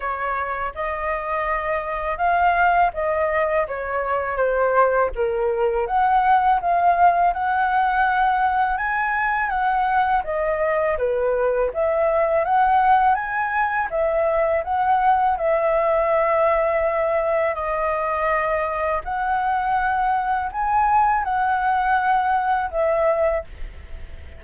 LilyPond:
\new Staff \with { instrumentName = "flute" } { \time 4/4 \tempo 4 = 82 cis''4 dis''2 f''4 | dis''4 cis''4 c''4 ais'4 | fis''4 f''4 fis''2 | gis''4 fis''4 dis''4 b'4 |
e''4 fis''4 gis''4 e''4 | fis''4 e''2. | dis''2 fis''2 | gis''4 fis''2 e''4 | }